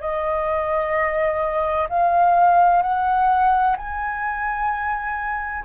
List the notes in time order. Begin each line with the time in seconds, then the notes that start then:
0.00 D#5
1.89 F5
2.82 F#5
3.77 G#5